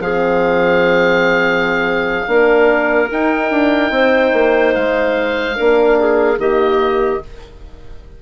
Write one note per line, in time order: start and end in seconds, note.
0.00 2.26 F3
0.00 2.26 C4
0.00 2.28 G#4
0.00 3.09 F5
2.26 3.09 A#3
2.26 3.09 D4
2.26 3.93 A#4
3.11 5.55 D#4
3.11 3.50 D#4
3.11 4.74 G5
3.50 3.90 D4
3.90 4.31 C4
3.90 5.56 C5
4.33 4.74 A#3
4.74 5.58 G#3
4.74 6.39 F5
5.55 6.38 A#3
5.55 6.37 D4
5.55 5.97 A#4
5.99 6.39 G#4
6.38 7.20 D#3
6.38 7.20 A#3
6.38 7.22 G4
6.38 7.22 D#5